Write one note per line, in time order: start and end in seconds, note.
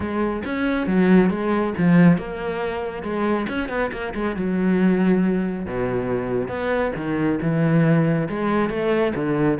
0.00 0.42 G#3
0.45 0.87 C#4
0.87 1.29 F#3
1.29 1.73 G#3
1.77 2.17 F3
2.17 3.03 A#3
3.03 3.46 G#3
3.48 3.69 C#4
3.69 3.90 B3
3.92 4.13 A#3
4.14 4.36 G#3
4.36 5.66 F#3
5.66 6.48 B2
6.48 6.91 B3
6.95 7.39 D#3
7.41 8.28 E3
8.28 8.69 G#3
8.69 9.13 A3
9.15 9.58 D3